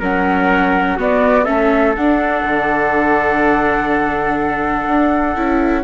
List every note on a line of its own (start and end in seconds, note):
0.00 0.99 F#3
0.00 0.98 C#4
0.00 0.97 A#4
0.00 1.00 F#5
0.97 1.46 B3
0.97 1.47 B3
0.97 1.45 F#4
0.97 1.44 D5
1.44 1.97 A3
1.44 1.95 C#4
1.44 5.84 A4
1.44 1.93 E5
1.95 2.43 D4
1.95 5.35 D4
1.95 5.84 F#5
2.43 4.87 D3
4.87 5.36 D4
5.35 5.84 C#4
5.35 5.84 E4